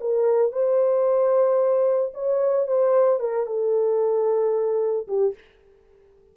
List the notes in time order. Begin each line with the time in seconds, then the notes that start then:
0.00 A#4
0.51 C5
2.14 C#5
2.67 C5
3.19 A#4
3.46 A4
5.07 G4